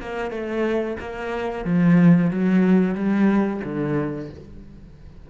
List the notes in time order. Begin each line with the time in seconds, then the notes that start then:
0.00 A#3
0.31 A3
1.00 A#3
1.65 F3
2.30 F#3
2.95 G3
3.64 D3